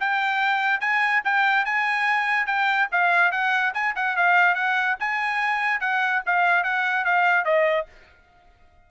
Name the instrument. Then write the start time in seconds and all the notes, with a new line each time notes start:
trumpet
0.00 G5
0.80 G#5
1.24 G5
1.65 G#5
2.46 G5
2.92 F5
3.31 F#5
3.74 G#5
3.95 F#5
4.16 F5
4.55 F#5
5.00 G#5
5.80 F#5
6.26 F5
6.63 F#5
7.05 F5
7.45 D#5